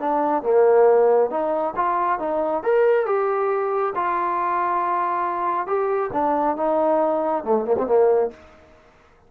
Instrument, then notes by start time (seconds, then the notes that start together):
trombone
0.00 D4
0.43 A#3
1.30 D#4
1.76 F4
2.19 D#4
2.63 A#4
3.06 G4
3.95 F4
5.67 G4
6.13 D4
6.56 D#4
7.44 A3
7.65 A#3
7.78 C4
7.87 A#3